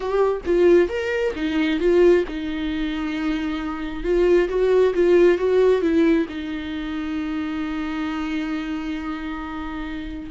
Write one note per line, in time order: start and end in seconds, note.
0.00 0.41 G4
0.45 0.88 F4
0.88 1.33 A#4
1.35 1.79 D#4
1.79 2.24 F4
2.27 4.03 D#4
4.03 4.48 F4
4.48 4.93 F#4
4.94 5.37 F4
5.37 5.81 F#4
5.81 6.26 E4
6.28 10.30 D#4